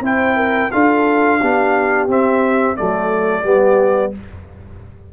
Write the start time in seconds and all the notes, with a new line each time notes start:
0.00 C4 E4 C5 G5
0.36 A#4
0.71 D4 F4 A4 F5
1.40 B3 D4 G4
2.08 C4 E5
2.76 F#3 A3 A4 D5
3.43 G3 B3 G4